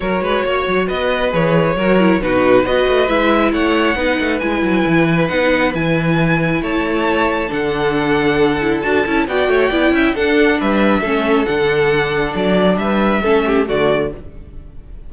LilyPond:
<<
  \new Staff \with { instrumentName = "violin" } { \time 4/4 \tempo 4 = 136 cis''2 dis''4 cis''4~ | cis''4 b'4 dis''4 e''4 | fis''2 gis''2 | fis''4 gis''2 a''4~ |
a''4 fis''2. | a''4 g''2 fis''4 | e''2 fis''2 | d''4 e''2 d''4 | }
  \new Staff \with { instrumentName = "violin" } { \time 4/4 ais'8 b'8 cis''4 b'2 | ais'4 fis'4 b'2 | cis''4 b'2.~ | b'2. cis''4~ |
cis''4 a'2.~ | a'4 d''8 cis''8 d''8 e''8 a'4 | b'4 a'2.~ | a'4 b'4 a'8 g'8 fis'4 | }
  \new Staff \with { instrumentName = "viola" } { \time 4/4 fis'2. gis'4 | fis'8 e'8 dis'4 fis'4 e'4~ | e'4 dis'4 e'2 | dis'4 e'2.~ |
e'4 d'2~ d'8 e'8 | fis'8 e'8 fis'4 e'4 d'4~ | d'4 cis'4 d'2~ | d'2 cis'4 a4 | }
  \new Staff \with { instrumentName = "cello" } { \time 4/4 fis8 gis8 ais8 fis8 b4 e4 | fis4 b,4 b8 a8 gis4 | a4 b8 a8 gis8 fis8 e4 | b4 e2 a4~ |
a4 d2. | d'8 cis'8 b8 a8 b8 cis'8 d'4 | g4 a4 d2 | fis4 g4 a4 d4 | }
>>